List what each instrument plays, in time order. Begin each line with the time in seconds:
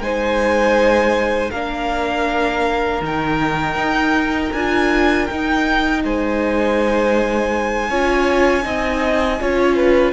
0.00 cello G#3, viola D#4, violin C5 G#5
1.51 cello A#3, viola D4, violin A#4 F5
3.01 cello D#3, viola D#4, violin G5
3.76 cello D#4
4.53 cello D4, viola F4, violin G#5
5.27 cello D#4, viola D#4, violin G5
6.04 cello G#3, violin C5 G#5
7.90 cello C#4, viola F4, violin C#5
8.62 cello C4, viola D#4, violin D#5
9.41 cello C#4, viola F4, violin C#5
9.76 violin B4